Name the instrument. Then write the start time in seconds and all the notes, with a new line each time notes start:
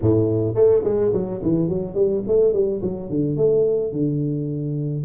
tuba
0.01 A2
0.55 A3
0.84 G#3
1.13 F#3
1.42 E3
1.68 F#3
1.94 G3
2.27 A3
2.53 G3
2.82 F#3
3.09 D3
3.36 A3
3.92 D3